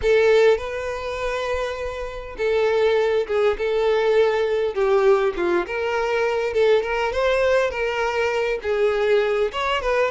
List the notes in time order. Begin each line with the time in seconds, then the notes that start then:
0.02 A4
0.57 B4
2.37 A4
3.27 G#4
3.58 A4
4.74 G4
5.36 F4
5.66 A#4
6.53 A4
6.83 A#4
7.12 C5
7.70 A#4
8.62 G#4
9.52 C#5
9.81 B4